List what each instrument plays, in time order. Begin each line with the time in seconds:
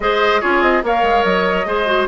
0.00 bassoon G#3, clarinet G#4, oboe C5, flute D#5
0.41 bassoon C#4, clarinet F4, oboe G#4, flute C#5
0.61 bassoon C4, flute D#5
0.83 bassoon A#3, clarinet A#4, oboe C#5, flute F5
1.02 bassoon G#3
1.24 bassoon F#3, flute D#5
1.65 bassoon G#3, clarinet G#4, oboe C5
1.86 clarinet F#4